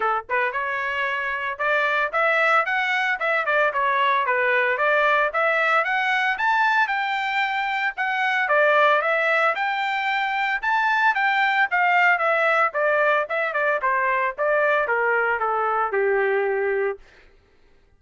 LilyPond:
\new Staff \with { instrumentName = "trumpet" } { \time 4/4 \tempo 4 = 113 a'8 b'8 cis''2 d''4 | e''4 fis''4 e''8 d''8 cis''4 | b'4 d''4 e''4 fis''4 | a''4 g''2 fis''4 |
d''4 e''4 g''2 | a''4 g''4 f''4 e''4 | d''4 e''8 d''8 c''4 d''4 | ais'4 a'4 g'2 | }